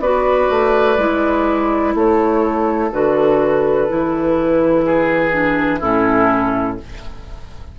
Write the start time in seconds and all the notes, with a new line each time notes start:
0.00 B3 F#4 B4 D5
0.50 A3
0.98 G#3 E4
1.95 A3 A4 C#5
2.93 D3 F#4 B4
3.89 E3 E4
4.85 G#4
5.32 D4
5.80 A2 C#4 E4 A4